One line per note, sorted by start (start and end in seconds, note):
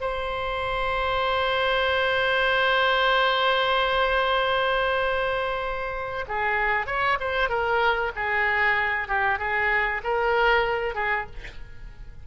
0.00 6.25 C5
6.28 6.86 G#4
6.86 7.18 C#5
7.20 7.49 C5
7.49 8.11 A#4
8.15 9.08 G#4
9.08 9.39 G4
9.39 10.01 G#4
10.03 10.95 A#4
10.95 11.26 G#4